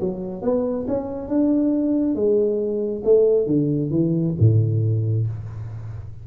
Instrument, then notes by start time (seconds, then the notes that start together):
tuba
0.00 F#3
0.42 B3
0.88 C#4
1.28 D4
2.15 G#3
3.05 A3
3.47 D3
3.91 E3
4.40 A2